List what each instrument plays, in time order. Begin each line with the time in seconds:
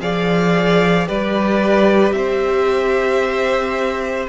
0.00 cello F3, viola G#4, violin D5 F5
1.06 cello G3, viola G4, violin B4 D5
2.12 cello C4, violin C5 E5